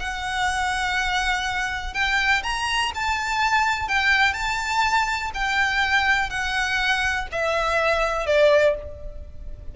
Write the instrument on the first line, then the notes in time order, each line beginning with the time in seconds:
violin
0.00 F#5
1.94 G5
2.43 A#5
2.95 A5
3.89 G5
4.34 A5
5.34 G5
6.30 F#5
7.32 E5
8.26 D5